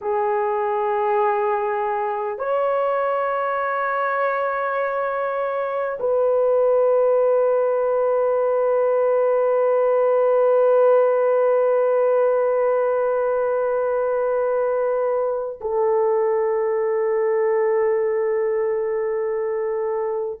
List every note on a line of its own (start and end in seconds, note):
0.01 2.38 G#4
2.38 5.98 C#5
5.99 15.59 B4
15.60 20.40 A4